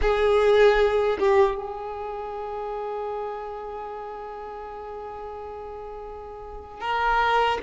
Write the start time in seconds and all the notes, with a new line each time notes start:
0.01 G#4
1.19 G4
1.55 G#4
6.80 A#4